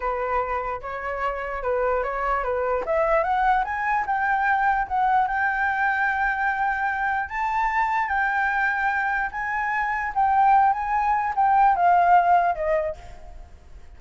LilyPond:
\new Staff \with { instrumentName = "flute" } { \time 4/4 \tempo 4 = 148 b'2 cis''2 | b'4 cis''4 b'4 e''4 | fis''4 gis''4 g''2 | fis''4 g''2.~ |
g''2 a''2 | g''2. gis''4~ | gis''4 g''4. gis''4. | g''4 f''2 dis''4 | }